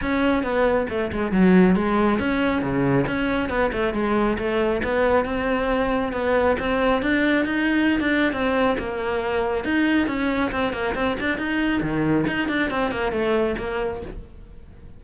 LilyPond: \new Staff \with { instrumentName = "cello" } { \time 4/4 \tempo 4 = 137 cis'4 b4 a8 gis8 fis4 | gis4 cis'4 cis4 cis'4 | b8 a8 gis4 a4 b4 | c'2 b4 c'4 |
d'4 dis'4~ dis'16 d'8. c'4 | ais2 dis'4 cis'4 | c'8 ais8 c'8 d'8 dis'4 dis4 | dis'8 d'8 c'8 ais8 a4 ais4 | }